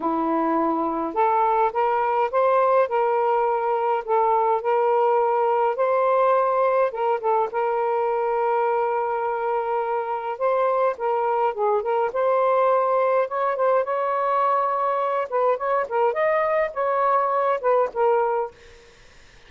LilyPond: \new Staff \with { instrumentName = "saxophone" } { \time 4/4 \tempo 4 = 104 e'2 a'4 ais'4 | c''4 ais'2 a'4 | ais'2 c''2 | ais'8 a'8 ais'2.~ |
ais'2 c''4 ais'4 | gis'8 ais'8 c''2 cis''8 c''8 | cis''2~ cis''8 b'8 cis''8 ais'8 | dis''4 cis''4. b'8 ais'4 | }